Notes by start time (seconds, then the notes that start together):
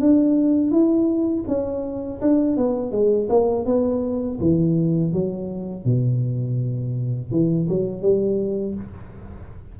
0.00 D4
0.71 E4
1.48 C#4
2.21 D4
2.57 B3
2.92 G#3
3.29 A#3
3.66 B3
4.40 E3
5.13 F#3
5.85 B2
7.31 E3
7.69 F#3
8.02 G3